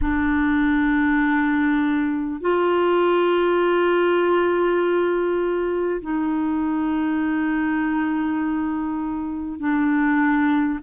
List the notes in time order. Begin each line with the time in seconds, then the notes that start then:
0.01 D4
2.40 F4
6.01 D#4
9.59 D4